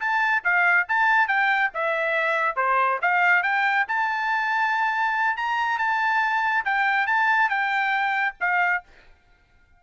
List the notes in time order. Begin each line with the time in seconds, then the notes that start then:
0.00 A5
0.44 F5
0.88 A5
1.27 G5
1.74 E5
2.56 C5
3.01 F5
3.43 G5
3.88 A5
5.37 A#5
5.79 A5
6.65 G5
7.07 A5
7.49 G5
8.40 F5